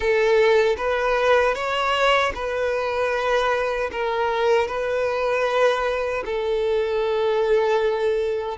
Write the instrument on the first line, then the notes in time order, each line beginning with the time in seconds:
violin
0.00 A4
0.77 B4
1.54 C#5
2.34 B4
3.91 A#4
4.68 B4
6.25 A4